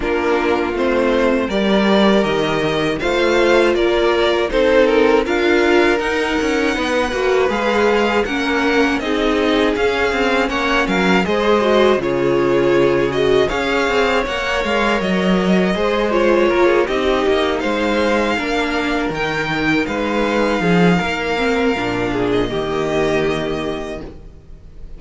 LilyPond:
<<
  \new Staff \with { instrumentName = "violin" } { \time 4/4 \tempo 4 = 80 ais'4 c''4 d''4 dis''4 | f''4 d''4 c''8 ais'8 f''4 | fis''2 f''4 fis''4 | dis''4 f''4 fis''8 f''8 dis''4 |
cis''4. dis''8 f''4 fis''8 f''8 | dis''4. cis''4 dis''4 f''8~ | f''4. g''4 f''4.~ | f''4.~ f''16 dis''2~ dis''16 | }
  \new Staff \with { instrumentName = "violin" } { \time 4/4 f'2 ais'2 | c''4 ais'4 a'4 ais'4~ | ais'4 b'2 ais'4 | gis'2 cis''8 ais'8 c''4 |
gis'2 cis''2~ | cis''4 c''4 ais'16 gis'16 g'4 c''8~ | c''8 ais'2 b'4 gis'8 | ais'4. gis'8 g'2 | }
  \new Staff \with { instrumentName = "viola" } { \time 4/4 d'4 c'4 g'2 | f'2 dis'4 f'4 | dis'4. fis'8 gis'4 cis'4 | dis'4 cis'2 gis'8 fis'8 |
f'4. fis'8 gis'4 ais'4~ | ais'4 gis'8 f'4 dis'4.~ | dis'8 d'4 dis'2~ dis'8~ | dis'8 c'8 d'4 ais2 | }
  \new Staff \with { instrumentName = "cello" } { \time 4/4 ais4 a4 g4 dis4 | a4 ais4 c'4 d'4 | dis'8 cis'8 b8 ais8 gis4 ais4 | c'4 cis'8 c'8 ais8 fis8 gis4 |
cis2 cis'8 c'8 ais8 gis8 | fis4 gis4 ais8 c'8 ais8 gis8~ | gis8 ais4 dis4 gis4 f8 | ais4 ais,4 dis2 | }
>>